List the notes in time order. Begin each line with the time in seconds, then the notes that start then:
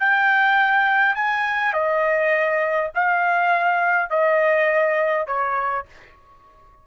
0.00 G5
1.16 G#5
1.74 D#5
2.95 F5
4.10 D#5
5.27 C#5